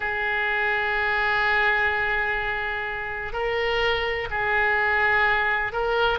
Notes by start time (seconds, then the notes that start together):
0.00 G#4
3.32 A#4
4.30 G#4
5.72 A#4